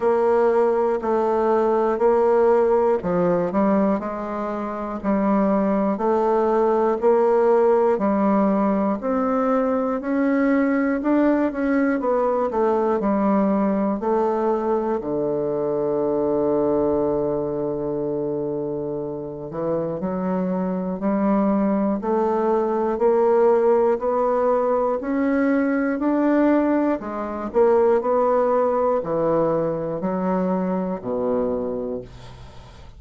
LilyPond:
\new Staff \with { instrumentName = "bassoon" } { \time 4/4 \tempo 4 = 60 ais4 a4 ais4 f8 g8 | gis4 g4 a4 ais4 | g4 c'4 cis'4 d'8 cis'8 | b8 a8 g4 a4 d4~ |
d2.~ d8 e8 | fis4 g4 a4 ais4 | b4 cis'4 d'4 gis8 ais8 | b4 e4 fis4 b,4 | }